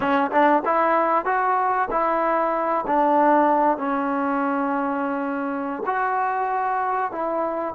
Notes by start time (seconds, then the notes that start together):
0.00 C#4
0.31 D4
0.65 E4
1.25 F#4
1.90 E4
2.86 D4
3.77 C#4
5.86 F#4
7.11 E4